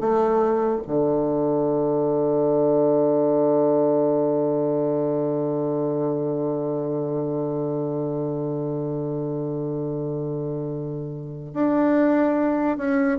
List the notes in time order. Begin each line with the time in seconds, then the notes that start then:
0.00 A3
0.87 D3
11.54 D4
12.77 C#4